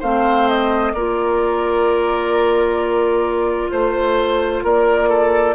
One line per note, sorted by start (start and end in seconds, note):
0.00 0.94 A3
0.00 0.95 C4
0.00 0.92 C5
0.00 0.49 F5
0.49 0.93 D#5
0.93 3.71 A#3
0.93 5.55 F4
0.93 3.72 A#4
0.93 3.70 D5
3.71 4.64 A3
3.71 4.63 C5
3.71 4.64 C5
4.64 5.55 A#3
4.64 5.09 A#4
4.64 5.55 D5
5.09 5.55 A4